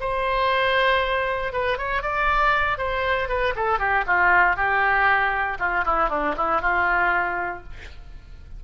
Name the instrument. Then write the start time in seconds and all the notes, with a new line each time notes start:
oboe
0.00 C5
1.52 B4
1.78 C#5
2.02 D5
2.78 C5
3.28 B4
3.55 A4
3.79 G4
4.07 F4
4.56 G4
5.59 F4
5.85 E4
6.09 D4
6.37 E4
6.61 F4